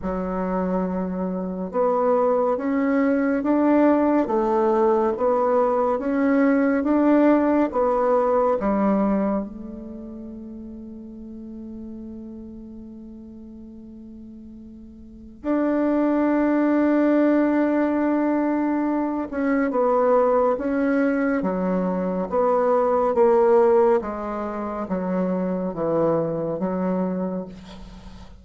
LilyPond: \new Staff \with { instrumentName = "bassoon" } { \time 4/4 \tempo 4 = 70 fis2 b4 cis'4 | d'4 a4 b4 cis'4 | d'4 b4 g4 a4~ | a1~ |
a2 d'2~ | d'2~ d'8 cis'8 b4 | cis'4 fis4 b4 ais4 | gis4 fis4 e4 fis4 | }